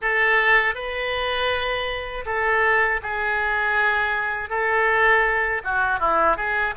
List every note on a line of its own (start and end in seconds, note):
0.01 0.74 A4
0.74 2.24 B4
2.25 3.00 A4
3.02 4.49 G#4
4.49 5.61 A4
5.64 5.99 F#4
5.99 6.36 E4
6.36 6.74 G#4